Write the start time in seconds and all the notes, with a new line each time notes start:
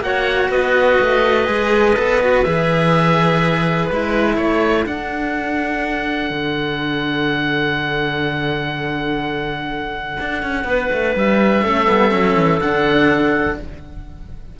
0.00 A#3 F#4 C#5 F#5
0.50 B3 B4 D#5
1.01 A3
1.46 G#3 G#4
1.96 B3 A4
2.20 F#4
2.43 E3 G#4 E5
3.86 G#3 E4 B4
4.37 A3 A4 C#5
4.85 D4 F#5
6.30 D3
10.20 D4
10.43 C#4
10.64 B3 B4
10.93 A3
11.16 G3 E5
11.63 A3 C#4 A4
11.87 G3 B3
12.11 F#3 C#4
12.36 E3
12.61 D3 D4 F#5